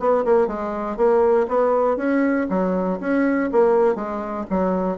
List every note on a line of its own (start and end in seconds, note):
0.00 0.25 B3
0.25 0.47 A#3
0.47 0.97 G#3
0.97 1.47 A#3
1.48 1.97 B3
1.97 2.47 C#4
2.50 3.00 F#3
3.00 3.50 C#4
3.52 3.96 A#3
3.96 4.46 G#3
4.50 4.98 F#3